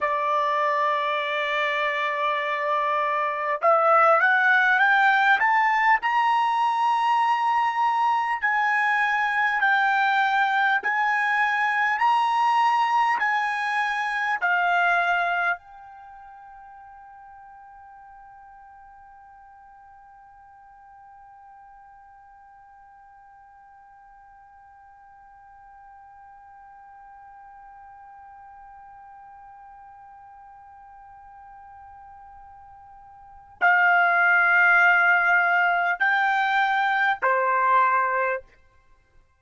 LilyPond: \new Staff \with { instrumentName = "trumpet" } { \time 4/4 \tempo 4 = 50 d''2. e''8 fis''8 | g''8 a''8 ais''2 gis''4 | g''4 gis''4 ais''4 gis''4 | f''4 g''2.~ |
g''1~ | g''1~ | g''1 | f''2 g''4 c''4 | }